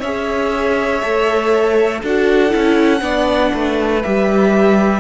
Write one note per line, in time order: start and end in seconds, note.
0.00 1.02 C#4
0.00 1.02 G#4
0.00 2.00 C#5
0.00 2.01 E5
1.02 2.03 A3
1.02 2.02 A4
2.02 2.53 D4
2.02 2.49 F#4
2.02 3.02 A4
2.02 4.03 F#5
2.49 2.99 E4
2.55 3.01 C#4
3.00 3.51 B3
3.00 4.00 D4
3.00 3.52 D5
3.53 4.04 A3
3.53 5.00 B4
4.03 5.00 G3
4.03 5.00 G4
4.03 5.00 E5